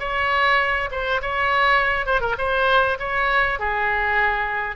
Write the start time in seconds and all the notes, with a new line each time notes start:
0.00 C#5
0.91 C5
1.22 C#5
2.06 C5
2.21 A#4
2.38 C5
2.99 C#5
3.59 G#4